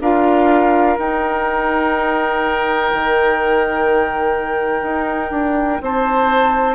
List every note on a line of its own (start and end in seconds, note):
0.00 0.97 D4
0.00 0.97 F4
0.00 5.81 A#4
0.00 0.98 F5
0.97 6.75 D#4
0.97 2.92 D#4
0.97 5.83 G5
2.93 4.82 D#3
4.82 5.30 D#4
5.31 5.79 D4
5.81 6.75 C4
5.81 6.75 C5
5.81 6.75 A5